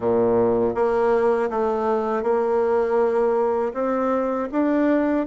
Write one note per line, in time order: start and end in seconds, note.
0.00 0.74 A#2
0.74 1.49 A#3
1.50 2.23 A3
2.23 3.73 A#3
3.73 4.48 C4
4.52 5.26 D4